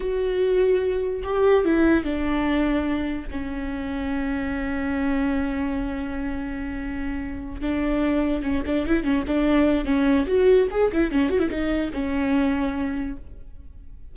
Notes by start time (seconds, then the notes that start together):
0.00 F#4
1.23 G4
1.64 E4
2.03 D4
3.30 C#4
7.61 D4
8.42 C#4
8.66 D4
8.86 E4
9.03 C#4
9.27 D4
9.84 C#4
10.26 F#4
10.71 G#4
10.92 E4
11.11 C#4
11.29 F#4
11.39 E4
11.49 D#4
11.93 C#4